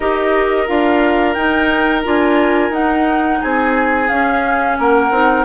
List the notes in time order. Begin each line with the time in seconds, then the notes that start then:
0.00 D#4 G4 A#4 D#5
0.67 D4 F4 F5
1.33 D#4 G5
2.04 D4 F4 G#5
2.70 D#4 F#5
3.41 C4 G#4 G#5
4.08 C#4 F5
4.78 A#3 A#4 F#5
5.11 C4 D#4